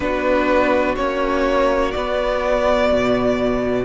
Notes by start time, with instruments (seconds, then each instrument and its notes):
0.00 cello B3, viola D4, violin F#4 B4
0.95 cello A#3, viola C#4, violin C#5
1.91 cello B3, viola B3, violin D5
2.92 cello B2